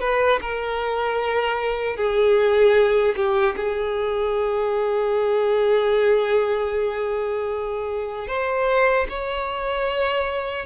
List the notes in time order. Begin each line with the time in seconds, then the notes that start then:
0.00 B4
0.41 A#4
1.96 G#4
3.16 G4
3.56 G#4
8.28 C5
9.09 C#5